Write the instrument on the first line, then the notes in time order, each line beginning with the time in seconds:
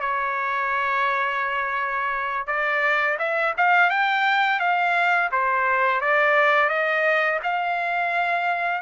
trumpet
0.00 C#5
2.47 D5
3.19 E5
3.57 F5
3.90 G5
4.59 F5
5.31 C5
6.00 D5
6.69 D#5
7.43 F5